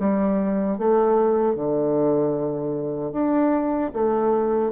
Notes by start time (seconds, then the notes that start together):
0.00 G3
0.79 A3
1.56 D3
3.13 D4
3.94 A3